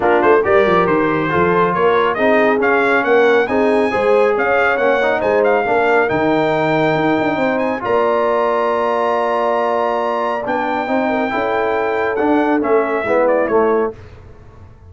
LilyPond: <<
  \new Staff \with { instrumentName = "trumpet" } { \time 4/4 \tempo 4 = 138 ais'8 c''8 d''4 c''2 | cis''4 dis''4 f''4 fis''4 | gis''2 f''4 fis''4 | gis''8 f''4. g''2~ |
g''4. gis''8 ais''2~ | ais''1 | g''1 | fis''4 e''4. d''8 cis''4 | }
  \new Staff \with { instrumentName = "horn" } { \time 4/4 f'4 ais'2 a'4 | ais'4 gis'2 ais'4 | gis'4 c''4 cis''2 | c''4 ais'2.~ |
ais'4 c''4 d''2~ | d''1~ | d''4 c''8 ais'8 a'2~ | a'2 e'2 | }
  \new Staff \with { instrumentName = "trombone" } { \time 4/4 d'4 g'2 f'4~ | f'4 dis'4 cis'2 | dis'4 gis'2 cis'8 dis'8~ | dis'4 d'4 dis'2~ |
dis'2 f'2~ | f'1 | d'4 dis'4 e'2 | d'4 cis'4 b4 a4 | }
  \new Staff \with { instrumentName = "tuba" } { \time 4/4 ais8 a8 g8 f8 dis4 f4 | ais4 c'4 cis'4 ais4 | c'4 gis4 cis'4 ais4 | gis4 ais4 dis2 |
dis'8 d'8 c'4 ais2~ | ais1 | b4 c'4 cis'2 | d'4 a4 gis4 a4 | }
>>